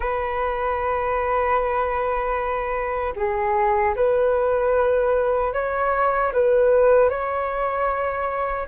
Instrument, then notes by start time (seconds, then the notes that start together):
flute
0.00 B4
3.16 G#4
3.95 B4
5.53 C#5
6.32 B4
7.09 C#5